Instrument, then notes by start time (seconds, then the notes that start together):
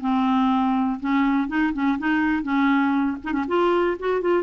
clarinet
0.00 C4
1.00 C#4
1.48 D#4
1.73 C#4
1.98 D#4
2.43 C#4
3.23 D#4
3.32 C#4
3.47 F4
3.99 F#4
4.21 F4